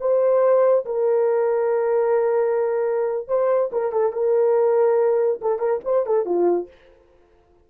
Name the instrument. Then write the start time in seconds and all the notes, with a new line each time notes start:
horn
0.00 C5
0.85 A#4
3.28 C5
3.72 A#4
3.92 A4
4.13 A#4
5.41 A4
5.59 A#4
5.85 C5
6.06 A4
6.25 F4